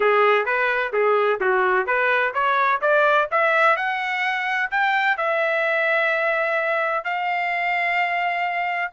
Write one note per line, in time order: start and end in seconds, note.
0.00 0.45 G#4
0.45 0.92 B4
0.93 1.39 G#4
1.40 1.86 F#4
1.86 2.33 B4
2.34 2.80 C#5
2.81 3.28 D5
3.31 3.76 E5
3.76 4.70 F#5
4.70 5.17 G5
5.17 7.04 E5
7.04 8.91 F5